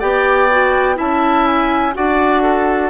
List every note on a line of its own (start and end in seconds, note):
0.00 0.99 B3
0.00 0.50 G4
0.00 0.97 D5
0.00 0.97 G5
0.52 0.96 F#4
0.96 1.96 C#4
0.96 1.92 E4
0.96 1.94 E5
0.96 1.47 A5
1.47 1.95 G#5
1.94 2.91 D4
1.94 2.91 F#4
1.94 2.43 D5
1.94 2.91 F#5
2.43 2.91 A4